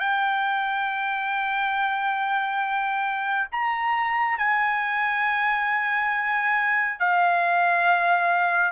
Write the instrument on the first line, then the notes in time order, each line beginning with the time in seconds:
trumpet
0.00 G5
3.52 A#5
4.39 G#5
7.00 F5